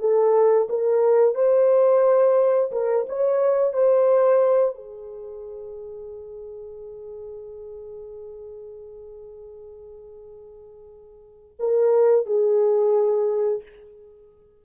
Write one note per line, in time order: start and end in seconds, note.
0.00 0.68 A4
0.69 1.35 A#4
1.35 2.71 C5
2.72 3.06 A#4
3.09 3.74 C#5
3.74 4.75 C5
4.75 11.57 G#4
11.59 12.26 A#4
12.26 13.63 G#4